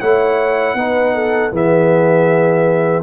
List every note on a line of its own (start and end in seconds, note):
0.00 0.74 A3
0.00 0.77 E4
0.00 0.76 C#5
0.00 1.52 F#5
0.74 1.50 B3
0.74 1.52 D#4
0.74 1.14 B4
1.14 1.52 A4
1.52 3.03 E3
1.52 3.03 B3
1.52 3.03 G#4
1.52 3.03 E5